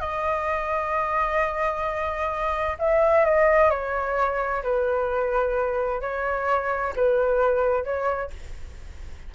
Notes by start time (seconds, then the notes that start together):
0.00 D#5
2.79 E5
3.25 D#5
3.70 C#5
4.63 B4
6.01 C#5
6.96 B4
7.84 C#5